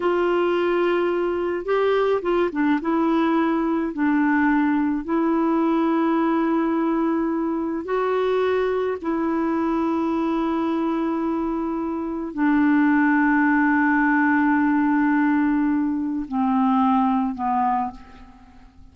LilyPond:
\new Staff \with { instrumentName = "clarinet" } { \time 4/4 \tempo 4 = 107 f'2. g'4 | f'8 d'8 e'2 d'4~ | d'4 e'2.~ | e'2 fis'2 |
e'1~ | e'2 d'2~ | d'1~ | d'4 c'2 b4 | }